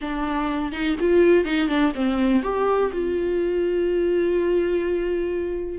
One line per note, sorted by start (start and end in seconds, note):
0.01 0.71 D4
0.71 0.96 D#4
0.99 1.44 F4
1.44 1.68 D#4
1.68 1.92 D4
1.94 2.42 C4
2.42 2.91 G4
2.92 5.78 F4